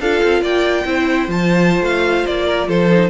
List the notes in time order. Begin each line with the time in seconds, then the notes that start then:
0.00 D4 F4 A4 F5
0.23 C4
0.41 A#3 D5 G5
0.85 C4 E4 C5
1.28 F3 F4 A5
1.81 A3 F5
2.26 A#3 D5
2.46 A#4
2.68 F3 A4 C5
2.91 D#4